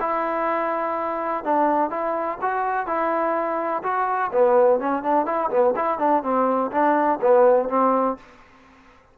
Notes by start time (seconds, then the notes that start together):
0.00 E4
1.44 D4
1.90 E4
2.42 F#4
2.86 E4
3.83 F#4
4.32 B3
4.80 C#4
5.03 D4
5.26 E4
5.50 B3
5.76 E4
5.99 D4
6.23 C4
6.71 D4
7.21 B3
7.69 C4